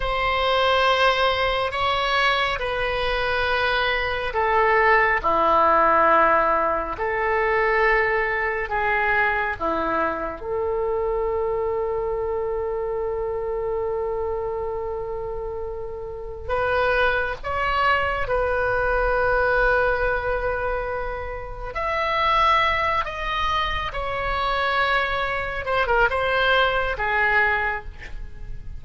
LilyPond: \new Staff \with { instrumentName = "oboe" } { \time 4/4 \tempo 4 = 69 c''2 cis''4 b'4~ | b'4 a'4 e'2 | a'2 gis'4 e'4 | a'1~ |
a'2. b'4 | cis''4 b'2.~ | b'4 e''4. dis''4 cis''8~ | cis''4. c''16 ais'16 c''4 gis'4 | }